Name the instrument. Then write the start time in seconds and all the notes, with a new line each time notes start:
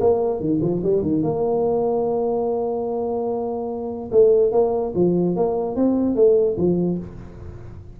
tuba
0.00 A#3
0.40 D#3
0.61 F3
0.83 G3
1.02 D#3
1.22 A#3
4.11 A3
4.51 A#3
4.95 F3
5.36 A#3
5.76 C4
6.15 A3
6.57 F3